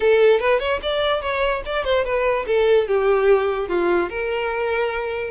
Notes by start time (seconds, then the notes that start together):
0.00 A4
0.40 B4
0.59 C#5
0.82 D5
1.21 C#5
1.65 D5
1.84 C5
2.04 B4
2.46 A4
2.87 G4
3.68 F4
4.09 A#4